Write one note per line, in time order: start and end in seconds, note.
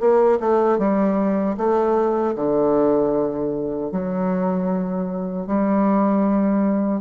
0.00 0.39 A#3
0.40 0.79 A3
0.79 1.57 G3
1.57 2.35 A3
2.36 3.92 D3
3.92 5.47 F#3
5.47 7.01 G3